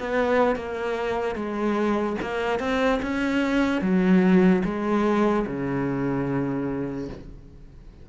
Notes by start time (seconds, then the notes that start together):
0.00 B3
0.56 A#3
1.35 G#3
2.22 A#3
2.59 C4
3.03 C#4
3.81 F#3
4.65 G#3
5.47 C#3